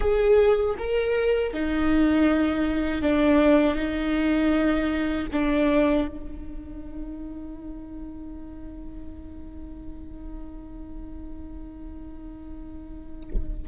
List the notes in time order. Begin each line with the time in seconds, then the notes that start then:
0.00 G#4
0.78 A#4
1.53 D#4
3.01 D4
3.75 D#4
5.32 D4
6.08 D#4